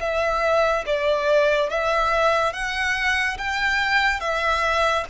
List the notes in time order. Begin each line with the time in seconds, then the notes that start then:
0.00 E5
0.86 D5
1.70 E5
2.53 F#5
3.38 G5
4.20 E5